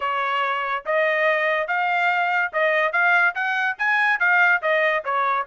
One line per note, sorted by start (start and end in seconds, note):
0.00 0.84 C#5
0.85 1.67 D#5
1.67 2.51 F5
2.52 2.92 D#5
2.92 3.34 F5
3.35 3.76 F#5
3.78 4.19 G#5
4.19 4.61 F5
4.62 5.03 D#5
5.04 5.46 C#5